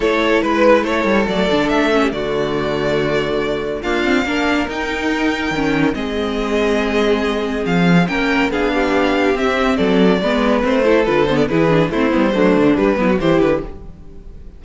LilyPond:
<<
  \new Staff \with { instrumentName = "violin" } { \time 4/4 \tempo 4 = 141 cis''4 b'4 cis''4 d''4 | e''4 d''2.~ | d''4 f''2 g''4~ | g''2 dis''2~ |
dis''2 f''4 g''4 | f''2 e''4 d''4~ | d''4 c''4 b'8 c''16 d''16 b'4 | c''2 b'4 c''8 b'8 | }
  \new Staff \with { instrumentName = "violin" } { \time 4/4 a'4 b'4 a'2~ | a'8. g'16 fis'2.~ | fis'4 f'4 ais'2~ | ais'2 gis'2~ |
gis'2. ais'4 | gis'8 g'2~ g'8 a'4 | b'4. a'4. gis'4 | e'4 d'4. e'16 fis'16 g'4 | }
  \new Staff \with { instrumentName = "viola" } { \time 4/4 e'2. a8 d'8~ | d'8 cis'8 a2.~ | a4 ais8 c'8 d'4 dis'4~ | dis'4 cis'4 c'2~ |
c'2. cis'4 | d'2 c'2 | b4 c'8 e'8 f'8 b8 e'8 d'8 | c'8 b8 a4 g8 b8 e'4 | }
  \new Staff \with { instrumentName = "cello" } { \time 4/4 a4 gis4 a8 g8 fis8 d8 | a4 d2.~ | d4 d'4 ais4 dis'4~ | dis'4 dis4 gis2~ |
gis2 f4 ais4 | b2 c'4 fis4 | gis4 a4 d4 e4 | a8 g8 fis8 d8 g8 fis8 e8 d8 | }
>>